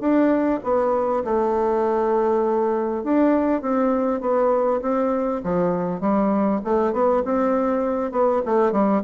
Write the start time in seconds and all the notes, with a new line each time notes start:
0.00 D4
0.63 B3
1.24 A3
3.04 D4
3.61 C4
4.21 B3
4.81 C4
5.43 F3
6.00 G3
6.64 A3
6.92 B3
7.24 C4
8.11 B3
8.45 A3
8.72 G3